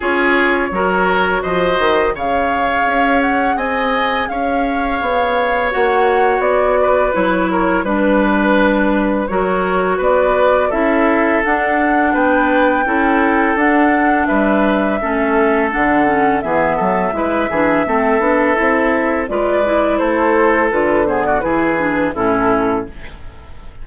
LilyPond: <<
  \new Staff \with { instrumentName = "flute" } { \time 4/4 \tempo 4 = 84 cis''2 dis''4 f''4~ | f''8 fis''8 gis''4 f''2 | fis''4 d''4 cis''4 b'4~ | b'4 cis''4 d''4 e''4 |
fis''4 g''2 fis''4 | e''2 fis''4 e''4~ | e''2. d''4 | c''4 b'8 c''16 d''16 b'4 a'4 | }
  \new Staff \with { instrumentName = "oboe" } { \time 4/4 gis'4 ais'4 c''4 cis''4~ | cis''4 dis''4 cis''2~ | cis''4. b'4 ais'8 b'4~ | b'4 ais'4 b'4 a'4~ |
a'4 b'4 a'2 | b'4 a'2 gis'8 a'8 | b'8 gis'8 a'2 b'4 | a'4. gis'16 fis'16 gis'4 e'4 | }
  \new Staff \with { instrumentName = "clarinet" } { \time 4/4 f'4 fis'2 gis'4~ | gis'1 | fis'2 e'4 d'4~ | d'4 fis'2 e'4 |
d'2 e'4 d'4~ | d'4 cis'4 d'8 cis'8 b4 | e'8 d'8 c'8 d'8 e'4 f'8 e'8~ | e'4 f'8 b8 e'8 d'8 cis'4 | }
  \new Staff \with { instrumentName = "bassoon" } { \time 4/4 cis'4 fis4 f8 dis8 cis4 | cis'4 c'4 cis'4 b4 | ais4 b4 fis4 g4~ | g4 fis4 b4 cis'4 |
d'4 b4 cis'4 d'4 | g4 a4 d4 e8 fis8 | gis8 e8 a8 b8 c'4 gis4 | a4 d4 e4 a,4 | }
>>